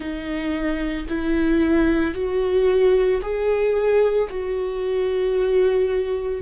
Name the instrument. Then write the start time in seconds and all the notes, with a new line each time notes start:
viola
0.00 D#4
1.08 E4
2.14 F#4
3.21 G#4
4.29 F#4